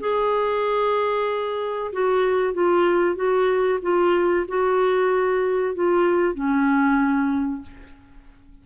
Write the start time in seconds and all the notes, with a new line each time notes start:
0.00 G#4
1.93 F#4
2.54 F4
3.16 F#4
3.82 F4
4.48 F#4
5.75 F4
6.35 C#4